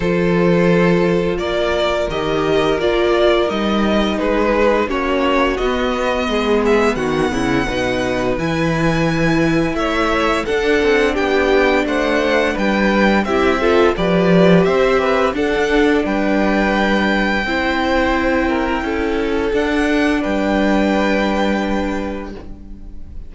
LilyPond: <<
  \new Staff \with { instrumentName = "violin" } { \time 4/4 \tempo 4 = 86 c''2 d''4 dis''4 | d''4 dis''4 b'4 cis''4 | dis''4. e''8 fis''2 | gis''2 e''4 fis''4 |
g''4 fis''4 g''4 e''4 | d''4 e''4 fis''4 g''4~ | g''1 | fis''4 g''2. | }
  \new Staff \with { instrumentName = "violin" } { \time 4/4 a'2 ais'2~ | ais'2 gis'4 fis'4~ | fis'4 gis'4 fis'8 e'8 b'4~ | b'2 cis''4 a'4 |
g'4 c''4 b'4 g'8 a'8 | b'4 c''8 b'8 a'4 b'4~ | b'4 c''4. ais'8 a'4~ | a'4 b'2. | }
  \new Staff \with { instrumentName = "viola" } { \time 4/4 f'2. g'4 | f'4 dis'2 cis'4 | b2. dis'4 | e'2. d'4~ |
d'2. e'8 f'8 | g'2 d'2~ | d'4 e'2. | d'1 | }
  \new Staff \with { instrumentName = "cello" } { \time 4/4 f2 ais4 dis4 | ais4 g4 gis4 ais4 | b4 gis4 dis8 cis8 b,4 | e2 a4 d'8 c'8 |
b4 a4 g4 c'4 | f4 c'4 d'4 g4~ | g4 c'2 cis'4 | d'4 g2. | }
>>